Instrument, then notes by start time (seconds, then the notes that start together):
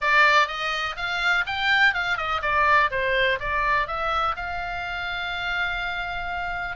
oboe
0.01 D5
0.47 D#5
0.96 F5
1.46 G5
1.94 F5
2.17 D#5
2.42 D5
2.91 C5
3.39 D5
3.87 E5
4.35 F5